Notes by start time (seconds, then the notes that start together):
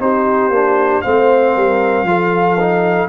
0.00 C4 D#4 G4 C5
0.49 A#3 D4
1.02 A3 C4 C5 F5
1.55 G3 A#4
2.03 F3 F4 A4
2.60 D#4